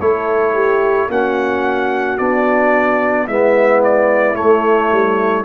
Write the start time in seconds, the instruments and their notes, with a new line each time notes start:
0.00 tuba A3, trombone E4, horn A4, trumpet C#5
0.54 horn G4
1.08 tuba A#3, trombone C#4, horn F#4, trumpet F#5
2.18 tuba B3, trombone D4, trumpet D5
3.27 tuba G#3, trombone B3, horn E4, trumpet E5
3.84 trumpet D5
4.35 trombone A3, tuba A3, trumpet C#5
4.91 tuba G3